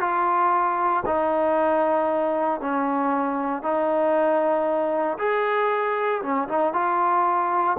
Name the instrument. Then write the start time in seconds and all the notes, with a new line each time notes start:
trombone
0.00 F4
1.06 D#4
2.61 C#4
3.63 D#4
5.18 G#4
6.22 C#4
6.48 D#4
6.73 F4